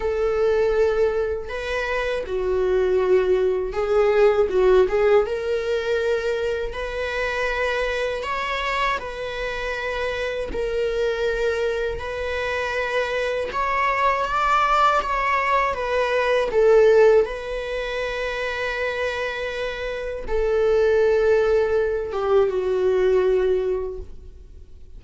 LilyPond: \new Staff \with { instrumentName = "viola" } { \time 4/4 \tempo 4 = 80 a'2 b'4 fis'4~ | fis'4 gis'4 fis'8 gis'8 ais'4~ | ais'4 b'2 cis''4 | b'2 ais'2 |
b'2 cis''4 d''4 | cis''4 b'4 a'4 b'4~ | b'2. a'4~ | a'4. g'8 fis'2 | }